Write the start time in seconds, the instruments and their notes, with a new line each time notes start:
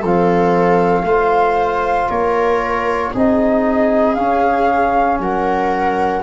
0.00 tuba F3, trombone C4, viola A4, flute F5
1.04 tuba A3, trombone F4, viola C5
2.09 tuba A#3, viola A#4, flute C#5
3.13 tuba C4, trombone D#4, viola G#4, flute D#5
4.14 trombone C#4, tuba C#4, flute F5
5.19 tuba F#3, viola A#4, flute F#5